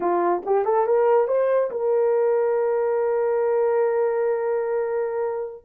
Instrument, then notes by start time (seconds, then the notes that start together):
horn
0.00 F4
0.45 G4
0.65 A4
0.86 A#4
1.27 C5
1.70 A#4